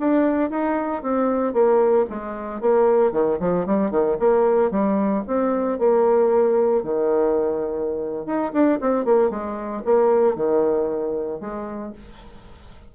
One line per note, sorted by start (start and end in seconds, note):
0.00 0.50 D4
0.50 1.03 D#4
1.03 1.53 C4
1.53 2.06 A#3
2.10 2.61 G#3
2.61 3.12 A#3
3.12 3.39 D#3
3.40 3.66 F3
3.66 3.91 G3
3.91 4.17 D#3
4.20 4.71 A#3
4.71 5.24 G3
5.28 5.79 C4
5.79 6.83 A#3
6.83 8.26 D#3
8.26 8.53 D#4
8.53 8.79 D4
8.81 9.05 C4
9.05 9.30 A#3
9.30 9.83 G#3
9.85 10.36 A#3
10.36 11.41 D#3
11.41 11.93 G#3